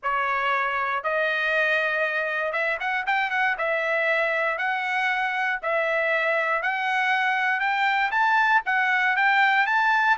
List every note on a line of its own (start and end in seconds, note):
0.02 1.03 C#5
1.03 2.52 D#5
2.52 2.77 E5
2.80 3.05 F#5
3.06 3.30 G5
3.30 3.55 F#5
3.58 4.58 E5
4.58 5.59 F#5
5.62 6.62 E5
6.62 7.60 F#5
7.60 8.11 G5
8.11 8.62 A5
8.65 9.16 F#5
9.16 9.66 G5
9.66 10.17 A5